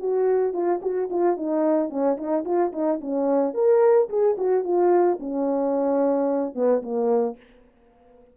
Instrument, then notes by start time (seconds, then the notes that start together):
horn
0.00 F#4
0.54 F4
0.82 F#4
1.10 F4
1.37 D#4
1.90 C#4
2.17 D#4
2.45 F4
2.73 D#4
3.01 C#4
3.54 A#4
4.10 G#4
4.38 F#4
4.64 F4
5.20 C#4
6.55 B3
6.83 A#3